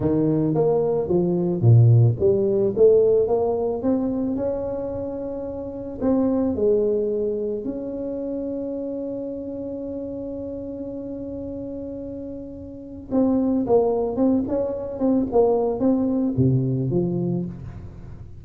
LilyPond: \new Staff \with { instrumentName = "tuba" } { \time 4/4 \tempo 4 = 110 dis4 ais4 f4 ais,4 | g4 a4 ais4 c'4 | cis'2. c'4 | gis2 cis'2~ |
cis'1~ | cis'1 | c'4 ais4 c'8 cis'4 c'8 | ais4 c'4 c4 f4 | }